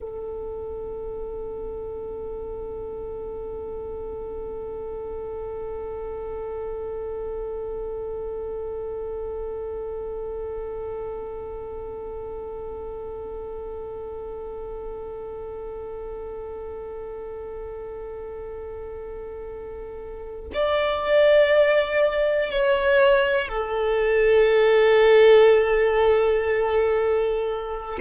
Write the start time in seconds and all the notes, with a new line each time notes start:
0.00 A4
20.53 D5
22.50 C#5
23.48 A4